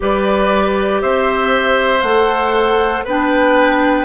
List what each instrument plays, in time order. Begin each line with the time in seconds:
0.00 bassoon G3, clarinet G4, oboe B4, flute D5
1.01 bassoon C4, oboe C5, flute E5
2.01 bassoon A3, clarinet A4, flute F#5
3.04 bassoon B3, clarinet D4, oboe B4, flute G5